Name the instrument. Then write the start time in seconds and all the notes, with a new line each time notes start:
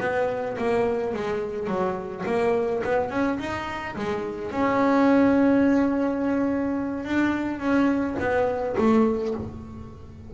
double bass
0.00 B3
0.58 A#3
1.13 G#3
1.67 F#3
2.25 A#3
2.84 B3
3.10 C#4
3.39 D#4
3.95 G#3
4.51 C#4
7.04 D4
7.59 C#4
8.19 B3
8.77 A3